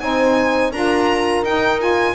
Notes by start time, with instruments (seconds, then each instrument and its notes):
0.00 double bass C4, saxophone D#4, horn C5, violin G#5
0.72 double bass D4, saxophone F4, horn A#4, violin A#5
1.42 double bass D#4, saxophone D#4, violin G5
1.79 saxophone F4, violin G#5